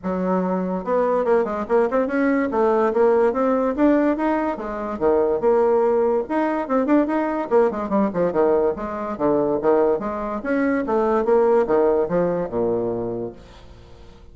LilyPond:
\new Staff \with { instrumentName = "bassoon" } { \time 4/4 \tempo 4 = 144 fis2 b4 ais8 gis8 | ais8 c'8 cis'4 a4 ais4 | c'4 d'4 dis'4 gis4 | dis4 ais2 dis'4 |
c'8 d'8 dis'4 ais8 gis8 g8 f8 | dis4 gis4 d4 dis4 | gis4 cis'4 a4 ais4 | dis4 f4 ais,2 | }